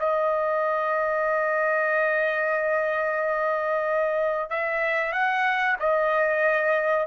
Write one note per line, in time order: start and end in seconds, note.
0.00 4.50 D#5
4.50 5.13 E5
5.13 5.77 F#5
5.80 7.07 D#5